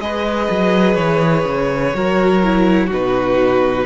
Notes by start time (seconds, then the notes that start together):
0.00 G#3 G#4 B4 D#5
0.50 F#3
0.95 E3 C#5
1.45 C#3
1.94 F#3 F#4 A#4
2.43 E4
2.86 D#4 F#4
2.93 B2 B4